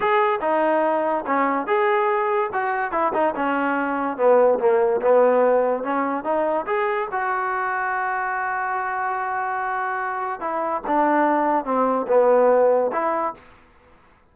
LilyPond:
\new Staff \with { instrumentName = "trombone" } { \time 4/4 \tempo 4 = 144 gis'4 dis'2 cis'4 | gis'2 fis'4 e'8 dis'8 | cis'2 b4 ais4 | b2 cis'4 dis'4 |
gis'4 fis'2.~ | fis'1~ | fis'4 e'4 d'2 | c'4 b2 e'4 | }